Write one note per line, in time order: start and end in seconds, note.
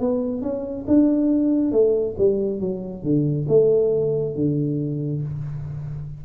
0.00 0.42 B3
0.42 0.85 C#4
0.87 1.72 D4
1.72 2.15 A3
2.18 2.60 G3
2.60 3.03 F#3
3.03 3.46 D3
3.48 4.35 A3
4.35 5.22 D3